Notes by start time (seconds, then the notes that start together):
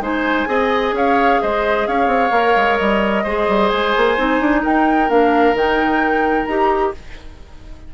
0.00 G#3 D#4 C5 G#5
0.46 C4 G#4 D#5
0.93 C#4 C#5 F5
1.42 G#3 C5 D#5
1.87 C#4 C#5 F5
2.07 C4
2.31 A#3 A#4
2.56 G#3
2.77 G3 D#5
3.24 G#3 G#4 C5
3.48 G3
3.69 G#3 G#5
3.97 A#3
4.17 C4 D#4
4.40 D4
4.63 D#4 A#4 G5
5.08 A#3 D4 F5
5.54 D#3 D#4 G5
6.46 D#4 G4 A#5